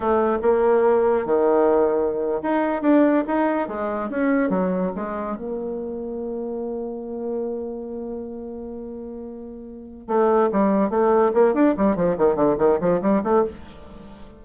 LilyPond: \new Staff \with { instrumentName = "bassoon" } { \time 4/4 \tempo 4 = 143 a4 ais2 dis4~ | dis4.~ dis16 dis'4 d'4 dis'16~ | dis'8. gis4 cis'4 fis4 gis16~ | gis8. ais2.~ ais16~ |
ais1~ | ais1 | a4 g4 a4 ais8 d'8 | g8 f8 dis8 d8 dis8 f8 g8 a8 | }